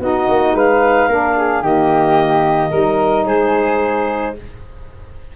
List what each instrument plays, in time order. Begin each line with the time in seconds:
0.00 tuba B3, saxophone D#4, flute F#4, clarinet D#5
0.28 tuba A#3
0.53 tuba G#3, flute B4, clarinet F5
1.08 tuba A#3, saxophone D4, flute A#4
1.37 flute G#4
1.62 tuba D#3, saxophone A#3, flute G4, clarinet D#5
2.70 tuba G3, saxophone D#4, flute A#4
3.26 tuba G#3, flute G#4, clarinet C5